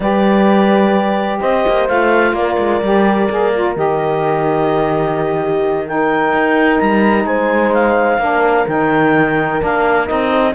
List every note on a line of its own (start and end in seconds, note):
0.00 1.40 G3
0.00 1.87 G4
0.00 1.40 B4
0.00 1.40 D5
1.40 1.65 C4
1.40 2.33 C5
1.40 1.87 D#5
1.67 1.89 A#3
1.87 2.33 A3
1.87 2.81 F4
1.87 2.35 F5
2.33 2.56 A#3
2.33 5.41 A#4
2.33 3.75 D5
2.58 2.81 G#3
2.82 3.28 G3
2.82 3.29 G4
3.29 3.76 A#3
3.29 3.52 G#4
3.52 3.76 F4
3.76 6.32 D#3
3.76 5.85 G4
3.76 5.88 D#5
5.41 5.86 G4
5.85 8.19 D#4
5.85 7.26 A#4
5.85 6.79 G5
6.32 6.79 D#4
6.79 7.24 G3
6.79 7.25 A#5
7.24 8.18 G#3
7.24 8.19 C5
7.24 7.72 G#5
7.73 8.67 F5
8.18 8.65 A#3
8.18 8.66 D4
8.18 10.30 A#4
8.67 9.61 D#3
8.67 9.59 D#4
8.67 9.62 G5
9.59 10.10 A#3
9.59 10.05 D4
9.59 10.07 F5
10.05 10.54 C4
10.05 10.52 D#4
10.05 10.53 D#5
10.30 10.54 A4